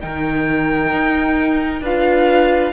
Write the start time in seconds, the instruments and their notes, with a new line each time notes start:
0.00 cello D#3, viola D#4, violin A#4 G5
0.92 cello D#4
1.81 cello D4, viola F4, violin B4 F5